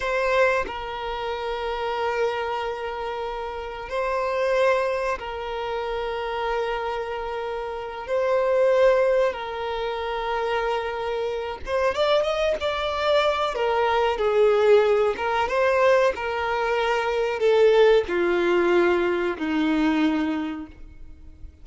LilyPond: \new Staff \with { instrumentName = "violin" } { \time 4/4 \tempo 4 = 93 c''4 ais'2.~ | ais'2 c''2 | ais'1~ | ais'8 c''2 ais'4.~ |
ais'2 c''8 d''8 dis''8 d''8~ | d''4 ais'4 gis'4. ais'8 | c''4 ais'2 a'4 | f'2 dis'2 | }